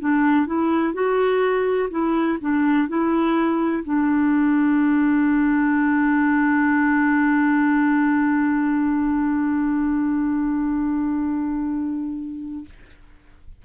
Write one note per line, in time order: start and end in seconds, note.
0.00 0.46 D4
0.46 0.94 E4
0.94 1.89 F#4
1.90 2.38 E4
2.41 2.88 D4
2.88 3.84 E4
3.84 12.65 D4